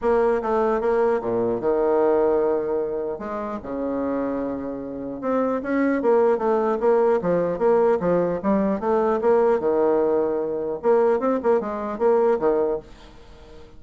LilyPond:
\new Staff \with { instrumentName = "bassoon" } { \time 4/4 \tempo 4 = 150 ais4 a4 ais4 ais,4 | dis1 | gis4 cis2.~ | cis4 c'4 cis'4 ais4 |
a4 ais4 f4 ais4 | f4 g4 a4 ais4 | dis2. ais4 | c'8 ais8 gis4 ais4 dis4 | }